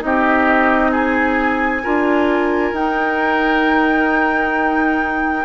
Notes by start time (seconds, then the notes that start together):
0.00 C4 D#4 G4 D#5
0.92 G#4 G#5
1.84 D4 F4 A#4
2.73 D#4 G5